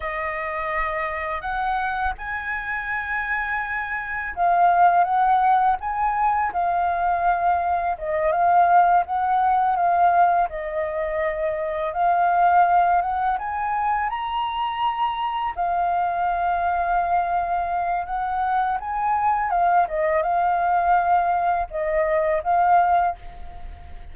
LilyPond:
\new Staff \with { instrumentName = "flute" } { \time 4/4 \tempo 4 = 83 dis''2 fis''4 gis''4~ | gis''2 f''4 fis''4 | gis''4 f''2 dis''8 f''8~ | f''8 fis''4 f''4 dis''4.~ |
dis''8 f''4. fis''8 gis''4 ais''8~ | ais''4. f''2~ f''8~ | f''4 fis''4 gis''4 f''8 dis''8 | f''2 dis''4 f''4 | }